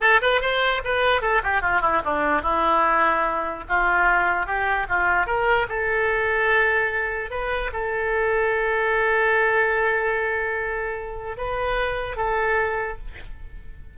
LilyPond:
\new Staff \with { instrumentName = "oboe" } { \time 4/4 \tempo 4 = 148 a'8 b'8 c''4 b'4 a'8 g'8 | f'8 e'8 d'4 e'2~ | e'4 f'2 g'4 | f'4 ais'4 a'2~ |
a'2 b'4 a'4~ | a'1~ | a'1 | b'2 a'2 | }